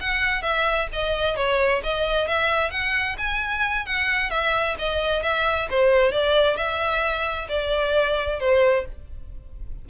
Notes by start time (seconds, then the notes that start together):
0.00 F#5
0.42 E5
0.92 D#5
1.36 C#5
1.83 D#5
2.27 E5
2.70 F#5
3.18 G#5
3.86 F#5
4.30 E5
4.79 D#5
5.23 E5
5.70 C5
6.12 D5
6.56 E5
7.49 D5
8.40 C5